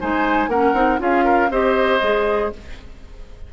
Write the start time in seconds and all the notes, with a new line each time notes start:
0.00 G#3 D#4 C5 G#5
0.47 A#3 C#4 A#4 F#5
0.73 C4 D#4
0.99 C#4 F4 G#4 F5
1.24 A#4
1.50 C4 G4 C5 D#5
2.02 G#3 G#4